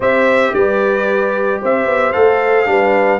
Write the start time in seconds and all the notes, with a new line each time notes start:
0.00 C4 G4 C5 E5
0.53 G3 B4 D5
1.61 C4 C5 E5
1.85 B3
2.12 A3 A4 F5
2.65 G3 D4 B4